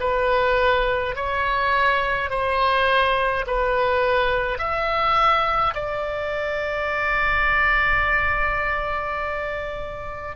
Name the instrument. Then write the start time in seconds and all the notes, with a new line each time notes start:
oboe
0.00 B4
1.15 C#5
2.30 C5
3.47 B4
4.58 E5
5.74 D5